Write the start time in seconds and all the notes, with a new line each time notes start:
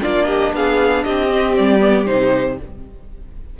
0.00 A#3 D4 F4 D5
0.26 G4 D#5
0.53 B3 G#4 F5
1.04 C4 G4 D#5
1.29 C4
1.56 G3 D5
1.79 B3
2.05 C3 D#4 C5